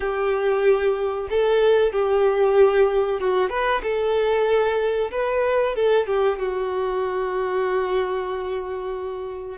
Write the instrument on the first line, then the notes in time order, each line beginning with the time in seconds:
violin
0.00 G4
1.29 A4
1.92 G4
3.20 F#4
3.49 B4
3.83 A4
5.11 B4
5.75 A4
6.06 G4
6.38 F#4